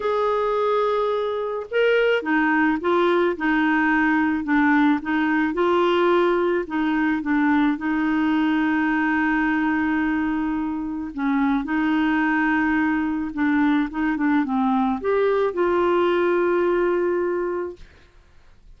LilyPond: \new Staff \with { instrumentName = "clarinet" } { \time 4/4 \tempo 4 = 108 gis'2. ais'4 | dis'4 f'4 dis'2 | d'4 dis'4 f'2 | dis'4 d'4 dis'2~ |
dis'1 | cis'4 dis'2. | d'4 dis'8 d'8 c'4 g'4 | f'1 | }